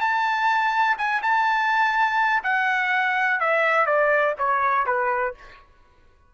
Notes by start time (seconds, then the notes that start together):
0.00 A5
0.98 G#5
1.22 A5
2.43 F#5
3.40 E5
3.86 D5
4.38 C#5
4.86 B4